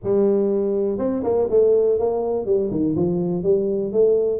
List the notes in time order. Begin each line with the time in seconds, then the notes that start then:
0.03 G3
0.98 C4
1.23 A#3
1.50 A3
1.99 A#3
2.45 G3
2.70 D#3
2.96 F3
3.43 G3
3.92 A3